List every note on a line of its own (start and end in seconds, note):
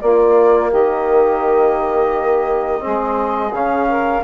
0.00 2.80 A#3
0.00 0.72 A#3
0.00 0.70 F4
0.00 0.71 D5
0.70 2.84 D#3
0.70 2.81 G4
0.70 3.54 D#5
2.80 3.52 G#3
2.80 3.50 C4
2.80 3.88 G#4
3.52 4.22 C#3
3.52 4.23 C#4
3.52 4.23 F5
3.89 4.23 A#4